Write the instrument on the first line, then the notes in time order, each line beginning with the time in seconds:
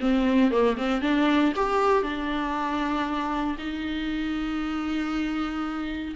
viola
0.00 C4
0.51 A#3
0.77 C4
1.02 D4
1.56 G4
2.03 D4
3.58 D#4